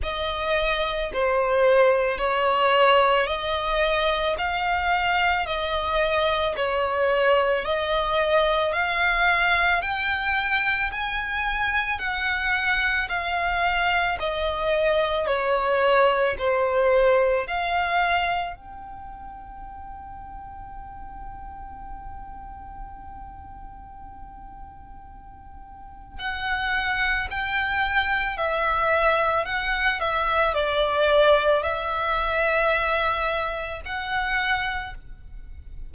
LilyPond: \new Staff \with { instrumentName = "violin" } { \time 4/4 \tempo 4 = 55 dis''4 c''4 cis''4 dis''4 | f''4 dis''4 cis''4 dis''4 | f''4 g''4 gis''4 fis''4 | f''4 dis''4 cis''4 c''4 |
f''4 g''2.~ | g''1 | fis''4 g''4 e''4 fis''8 e''8 | d''4 e''2 fis''4 | }